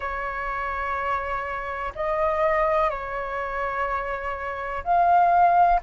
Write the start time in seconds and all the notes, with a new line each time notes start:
0.00 C#5
1.95 D#5
2.90 C#5
4.84 F5